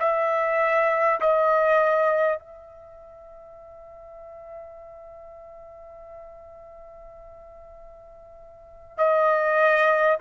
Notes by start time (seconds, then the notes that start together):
0.00 E5
1.21 D#5
2.39 E5
8.98 D#5